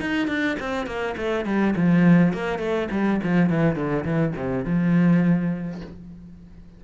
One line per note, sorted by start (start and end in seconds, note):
0.00 0.27 D#4
0.27 0.56 D4
0.59 0.86 C4
0.86 1.15 A#3
1.17 1.45 A3
1.45 1.74 G3
1.76 2.33 F3
2.33 2.58 A#3
2.58 2.88 A3
2.91 3.20 G3
3.23 3.50 F3
3.50 3.75 E3
3.75 4.04 D3
4.05 4.34 E3
4.36 4.64 C3
4.64 5.81 F3